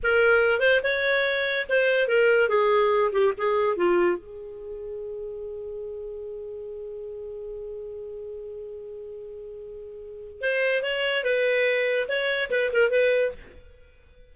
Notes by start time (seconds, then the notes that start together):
0.03 A#4
0.60 C5
0.83 C#5
1.69 C5
2.08 A#4
2.48 G#4
3.12 G4
3.37 G#4
3.76 F4
4.17 G#4
10.41 C5
10.82 C#5
11.23 B4
12.08 C#5
12.50 B4
12.72 A#4
12.90 B4